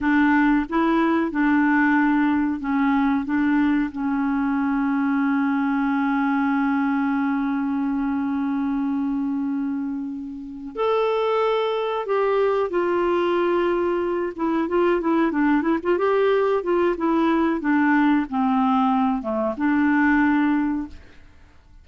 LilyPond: \new Staff \with { instrumentName = "clarinet" } { \time 4/4 \tempo 4 = 92 d'4 e'4 d'2 | cis'4 d'4 cis'2~ | cis'1~ | cis'1~ |
cis'8 a'2 g'4 f'8~ | f'2 e'8 f'8 e'8 d'8 | e'16 f'16 g'4 f'8 e'4 d'4 | c'4. a8 d'2 | }